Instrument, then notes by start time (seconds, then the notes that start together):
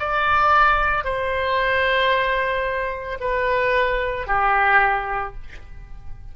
oboe
0.00 D5
1.04 C5
3.20 B4
4.27 G4